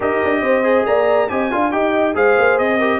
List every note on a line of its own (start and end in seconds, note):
0.00 0.20 D#4
0.00 0.63 G4
0.00 0.42 A#4
0.00 0.86 D#5
0.23 0.41 D4
0.41 0.84 C4
0.41 0.87 C5
0.63 1.28 G#4
0.86 1.29 A#3
0.86 1.30 D5
0.86 1.29 A#5
1.29 1.52 C4
1.29 1.51 G4
1.29 1.51 D#5
1.29 1.71 G#5
1.51 1.72 D4
1.51 1.71 F4
1.51 1.72 F5
1.71 2.14 D#4
1.71 2.14 G4
1.71 2.15 D#5
1.71 2.14 G5
2.14 2.36 G#3
2.14 2.79 G#4
2.14 2.78 C5
2.14 2.58 F5
2.38 2.59 A#3
2.58 3.00 C4
2.58 3.00 D#5
2.78 3.00 G4
2.78 2.99 A#4